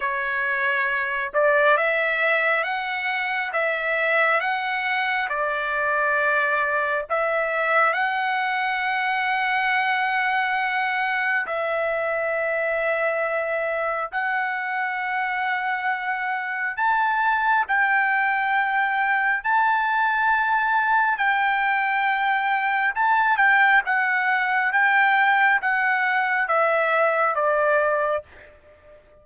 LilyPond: \new Staff \with { instrumentName = "trumpet" } { \time 4/4 \tempo 4 = 68 cis''4. d''8 e''4 fis''4 | e''4 fis''4 d''2 | e''4 fis''2.~ | fis''4 e''2. |
fis''2. a''4 | g''2 a''2 | g''2 a''8 g''8 fis''4 | g''4 fis''4 e''4 d''4 | }